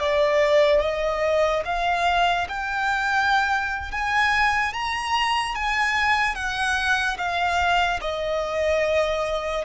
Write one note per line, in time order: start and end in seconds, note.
0.00 0.81 D5
0.81 1.63 D#5
1.65 2.47 F5
2.48 3.92 G5
3.92 4.73 G#5
4.73 5.55 A#5
5.55 6.35 G#5
6.35 7.17 F#5
7.18 8.00 F5
8.01 9.65 D#5